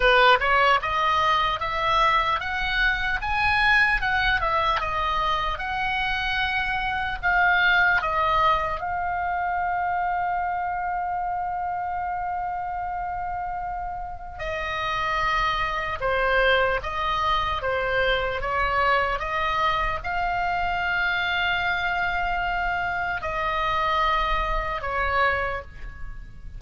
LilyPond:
\new Staff \with { instrumentName = "oboe" } { \time 4/4 \tempo 4 = 75 b'8 cis''8 dis''4 e''4 fis''4 | gis''4 fis''8 e''8 dis''4 fis''4~ | fis''4 f''4 dis''4 f''4~ | f''1~ |
f''2 dis''2 | c''4 dis''4 c''4 cis''4 | dis''4 f''2.~ | f''4 dis''2 cis''4 | }